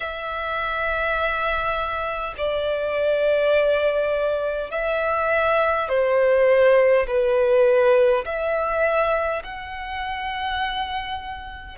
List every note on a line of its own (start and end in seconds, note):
0.00 2.34 E5
2.37 4.71 D5
4.71 5.88 E5
5.88 7.06 C5
7.06 8.24 B4
8.25 9.42 E5
9.43 11.78 F#5